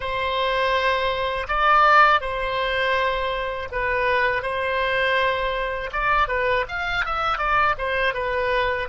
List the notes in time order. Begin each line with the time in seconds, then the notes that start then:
0.00 C5
1.47 D5
2.20 C5
3.71 B4
4.42 C5
5.92 D5
6.28 B4
6.68 F5
7.05 E5
7.38 D5
7.77 C5
8.14 B4